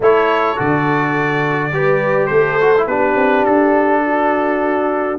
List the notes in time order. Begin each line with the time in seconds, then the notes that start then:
0.00 A3 E4 A4 C#5
0.56 D3 F#4 D5
1.72 G3 G4 B4
2.26 A3 A4 C5
2.60 F#4
2.77 E4
2.86 B3 D4 G4 B4
3.15 C4
3.44 D4 A4
4.05 F#4